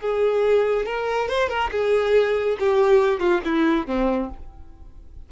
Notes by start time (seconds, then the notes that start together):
0.00 G#4
0.86 A#4
1.28 C5
1.49 A#4
1.71 G#4
2.59 G4
3.19 F4
3.44 E4
3.86 C4